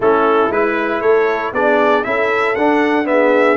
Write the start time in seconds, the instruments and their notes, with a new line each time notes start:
0.00 tuba A3, trombone C#4, horn E4, trumpet A4
0.49 tuba G#3, trombone E4, trumpet B4
1.01 tuba A3, horn A4, trumpet C#5
1.52 tuba B3, trombone D4, horn G#4, trumpet D5
2.03 tuba C#4, trombone E4, horn A4, trumpet E5
2.55 tuba D4, trombone D4, trumpet F#5
3.04 trombone B3, horn G#4, trumpet E5